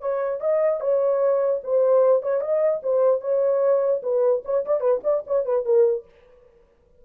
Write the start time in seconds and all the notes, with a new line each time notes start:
0.00 C#5
0.40 D#5
0.80 C#5
1.63 C5
2.22 C#5
2.41 D#5
2.82 C5
3.21 C#5
4.02 B4
4.45 C#5
4.65 D5
4.80 B4
5.03 D5
5.27 C#5
5.45 B4
5.65 A#4